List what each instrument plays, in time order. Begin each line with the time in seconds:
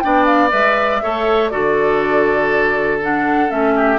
0.00 bassoon B3, clarinet D4, oboe D5, flute G5
0.25 flute F5
0.49 bassoon G#3, clarinet B4, flute E5
1.02 bassoon A3, clarinet A4, oboe C#5
1.49 bassoon D3, clarinet F#4, oboe A4, flute D5
3.02 clarinet D4, flute F#5
3.49 bassoon A3, clarinet C#4, flute E5
3.76 oboe G4